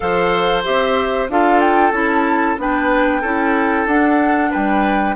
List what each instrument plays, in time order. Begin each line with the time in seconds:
0.00 bassoon F3, clarinet A4, oboe C5, flute F5
0.63 bassoon C4, clarinet G4, flute E5
1.29 bassoon D4, clarinet F4, oboe A4, flute F5
1.60 flute G5
1.91 bassoon C#4, clarinet E4, flute A5
2.58 bassoon B3, clarinet D4, oboe B4, flute G5
3.21 bassoon C#4, clarinet E4, oboe A4
3.86 bassoon D4, clarinet D4, flute F#5
4.50 bassoon G3, oboe B4, flute G5